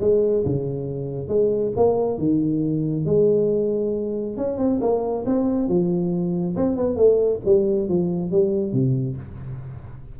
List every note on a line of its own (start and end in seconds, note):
0.00 0.44 G#3
0.45 1.28 C#3
1.28 1.72 G#3
1.76 2.18 A#3
2.18 3.05 D#3
3.05 4.37 G#3
4.37 4.58 C#4
4.58 4.80 C4
4.81 5.25 A#3
5.26 5.68 C4
5.68 6.56 F3
6.56 6.76 C4
6.76 6.96 B3
6.96 7.40 A3
7.45 7.89 G3
7.89 8.31 F3
8.31 8.73 G3
8.73 9.17 C3